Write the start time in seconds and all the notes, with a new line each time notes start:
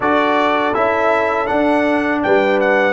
0.00 D4 F#4 A4 D5
0.74 C#4 E4 E5
1.46 D4 F#5
2.23 G3 B4 G5
2.60 F#5